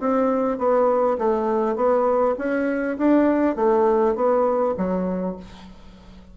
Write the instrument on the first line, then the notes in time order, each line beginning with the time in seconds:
bassoon
0.00 C4
0.58 B3
1.18 A3
1.76 B3
2.38 C#4
2.98 D4
3.56 A3
4.16 B3
4.78 F#3